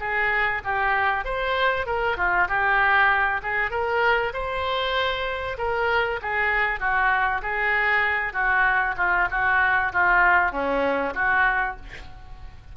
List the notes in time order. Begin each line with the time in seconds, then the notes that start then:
0.00 G#4
0.64 G4
1.25 C5
1.86 A#4
2.17 F4
2.49 G4
3.43 G#4
3.71 A#4
4.34 C5
5.58 A#4
6.22 G#4
6.80 F#4
7.42 G#4
8.33 F#4
8.97 F4
9.31 F#4
9.93 F4
10.52 C#4
11.14 F#4